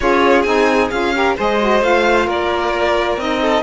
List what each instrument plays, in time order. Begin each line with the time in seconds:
0.00 cello C#4, saxophone F4, violin G#4 C#5
0.42 cello C4, saxophone D#4, violin G#5
0.90 cello C#4, saxophone F4, violin F5
1.14 saxophone G4, violin A#4
1.36 cello G#3, saxophone G#4, violin C5 D#5
1.59 saxophone F#4
1.81 cello A3, saxophone F4, violin F5
2.26 cello A#3, violin A#4 D5
3.17 cello C4, saxophone D#4, violin D#5
3.41 violin A4